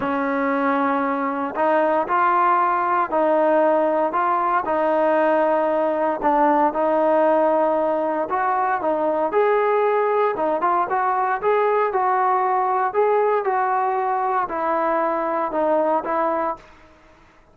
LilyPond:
\new Staff \with { instrumentName = "trombone" } { \time 4/4 \tempo 4 = 116 cis'2. dis'4 | f'2 dis'2 | f'4 dis'2. | d'4 dis'2. |
fis'4 dis'4 gis'2 | dis'8 f'8 fis'4 gis'4 fis'4~ | fis'4 gis'4 fis'2 | e'2 dis'4 e'4 | }